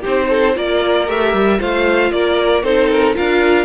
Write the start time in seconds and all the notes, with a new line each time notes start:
0.00 C4 D#4 G4 C5
0.28 A4
0.54 A#3 F4 A#4 D5
1.07 A3 G4 E5
1.33 G3
1.59 A3 F4 C5 F5
2.11 A#3 A#4 D5
2.63 C4 D#4 A4 C5
2.89 A#4
3.14 D4 F4 A#4 F5